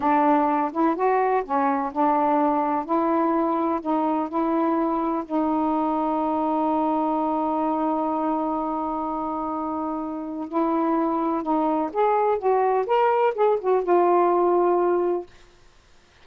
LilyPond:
\new Staff \with { instrumentName = "saxophone" } { \time 4/4 \tempo 4 = 126 d'4. e'8 fis'4 cis'4 | d'2 e'2 | dis'4 e'2 dis'4~ | dis'1~ |
dis'1~ | dis'2 e'2 | dis'4 gis'4 fis'4 ais'4 | gis'8 fis'8 f'2. | }